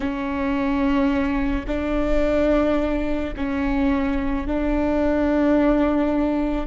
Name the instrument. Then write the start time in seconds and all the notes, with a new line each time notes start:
viola
0.00 C#4
1.67 D4
3.36 C#4
4.47 D4